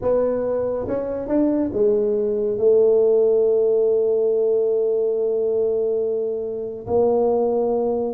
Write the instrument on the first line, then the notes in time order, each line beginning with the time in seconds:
tuba
0.01 B3
0.87 C#4
1.28 D4
1.72 G#3
2.58 A3
6.86 A#3